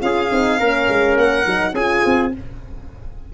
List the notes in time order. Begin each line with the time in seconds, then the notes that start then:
0.00 C#4 F4 G#4 F5
0.31 C4 D#4
0.59 A#3 C#4 A#4
0.89 G#3
1.16 A#3 F#5
1.45 F#3 D#4
1.73 C#4 F4 G#4 G#5
2.05 C4